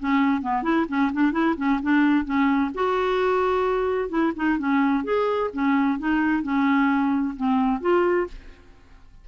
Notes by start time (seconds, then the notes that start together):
0.00 C#4
0.42 B3
0.63 E4
0.89 C#4
1.13 D4
1.32 E4
1.57 C#4
1.83 D4
2.25 C#4
2.75 F#4
4.10 E4
4.36 D#4
4.59 C#4
5.05 G#4
5.53 C#4
5.99 D#4
6.43 C#4
7.37 C4
7.81 F4